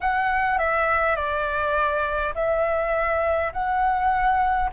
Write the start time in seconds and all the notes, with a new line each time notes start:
0.00 F#5
0.58 E5
1.16 D5
2.34 E5
3.52 F#5